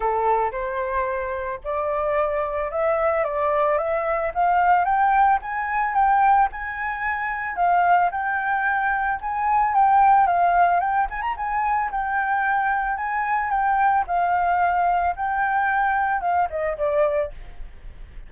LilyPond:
\new Staff \with { instrumentName = "flute" } { \time 4/4 \tempo 4 = 111 a'4 c''2 d''4~ | d''4 e''4 d''4 e''4 | f''4 g''4 gis''4 g''4 | gis''2 f''4 g''4~ |
g''4 gis''4 g''4 f''4 | g''8 gis''16 ais''16 gis''4 g''2 | gis''4 g''4 f''2 | g''2 f''8 dis''8 d''4 | }